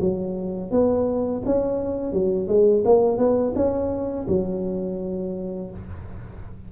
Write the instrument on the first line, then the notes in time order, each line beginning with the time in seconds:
tuba
0.00 F#3
0.71 B3
1.45 C#4
2.12 F#3
2.48 G#3
2.85 A#3
3.18 B3
3.55 C#4
4.28 F#3